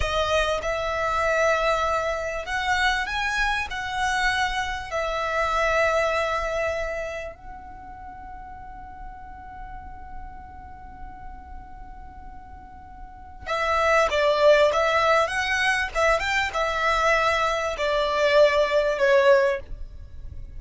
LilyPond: \new Staff \with { instrumentName = "violin" } { \time 4/4 \tempo 4 = 98 dis''4 e''2. | fis''4 gis''4 fis''2 | e''1 | fis''1~ |
fis''1~ | fis''2 e''4 d''4 | e''4 fis''4 e''8 g''8 e''4~ | e''4 d''2 cis''4 | }